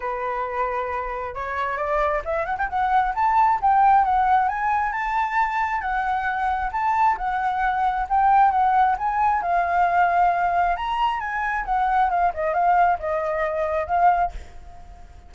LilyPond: \new Staff \with { instrumentName = "flute" } { \time 4/4 \tempo 4 = 134 b'2. cis''4 | d''4 e''8 fis''16 g''16 fis''4 a''4 | g''4 fis''4 gis''4 a''4~ | a''4 fis''2 a''4 |
fis''2 g''4 fis''4 | gis''4 f''2. | ais''4 gis''4 fis''4 f''8 dis''8 | f''4 dis''2 f''4 | }